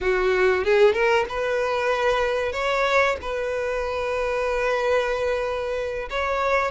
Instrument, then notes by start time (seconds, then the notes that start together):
violin
0.00 F#4
0.64 G#4
0.93 A#4
1.29 B4
2.52 C#5
3.21 B4
6.10 C#5